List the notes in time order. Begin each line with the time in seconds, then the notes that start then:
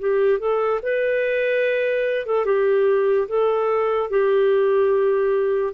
0.00 G4
0.39 A4
0.83 B4
2.26 A4
2.45 G4
3.28 A4
4.10 G4